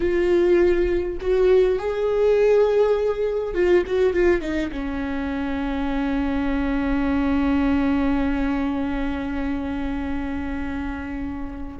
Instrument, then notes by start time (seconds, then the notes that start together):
viola
0.00 F4
1.20 F#4
1.78 G#4
3.54 F4
3.86 F#4
4.13 F4
4.41 D#4
4.71 C#4